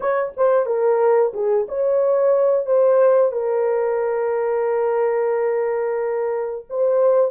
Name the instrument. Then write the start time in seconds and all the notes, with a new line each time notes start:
horn
0.00 C#5
0.36 C5
0.65 A#4
1.33 G#4
1.68 C#5
2.65 C5
3.32 A#4
6.69 C5